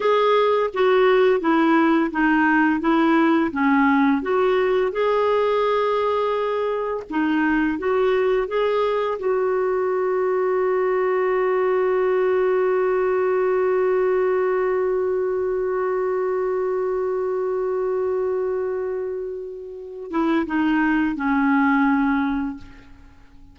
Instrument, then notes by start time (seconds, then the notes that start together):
clarinet
0.00 G#4
0.73 F#4
1.40 E4
2.11 D#4
2.80 E4
3.51 C#4
4.22 F#4
4.92 G#4
7.09 D#4
7.78 F#4
8.47 G#4
9.18 F#4
20.10 E4
20.46 D#4
21.15 C#4